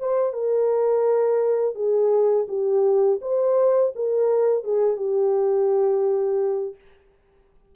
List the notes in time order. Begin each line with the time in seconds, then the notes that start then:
0.00 C5
0.33 A#4
1.75 G#4
2.49 G4
3.22 C5
3.95 A#4
4.64 G#4
4.97 G4